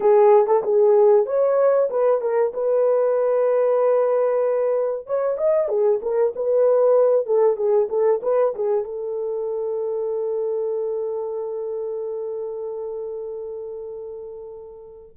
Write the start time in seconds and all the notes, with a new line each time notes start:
0.00 G#4
0.47 A4
0.63 G#4
1.26 C#5
1.89 B4
2.21 A#4
2.53 B4
5.06 C#5
5.37 D#5
5.68 G#4
6.02 A#4
6.35 B4
7.26 A4
7.56 G#4
7.89 A4
8.22 B4
8.55 G#4
8.84 A4